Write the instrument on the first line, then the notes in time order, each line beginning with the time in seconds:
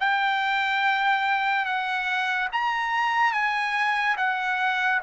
trumpet
0.00 G5
1.65 F#5
2.53 A#5
3.33 G#5
4.17 F#5